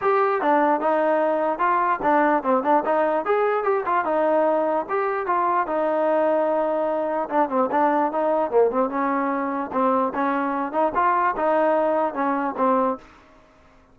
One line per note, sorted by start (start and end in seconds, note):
0.01 0.41 G4
0.41 0.80 D4
0.80 1.58 D#4
1.58 1.99 F4
2.02 2.43 D4
2.43 2.63 C4
2.63 2.83 D4
2.85 3.25 D#4
3.25 3.63 G#4
3.63 3.83 G4
3.85 4.04 F4
4.04 4.86 D#4
4.89 5.26 G4
5.26 5.66 F4
5.66 7.28 D#4
7.29 7.49 D4
7.49 7.69 C4
7.71 8.11 D4
8.12 8.51 D#4
8.51 8.71 A#3
8.71 8.89 C4
8.89 9.70 C#4
9.72 10.12 C4
10.14 10.72 C#4
10.72 10.92 D#4
10.94 11.35 F4
11.36 12.14 D#4
12.14 12.54 C#4
12.57 12.97 C4